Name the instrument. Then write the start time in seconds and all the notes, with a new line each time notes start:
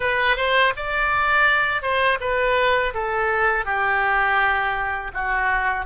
oboe
0.00 B4
0.36 C5
0.76 D5
1.82 C5
2.20 B4
2.94 A4
3.65 G4
5.13 F#4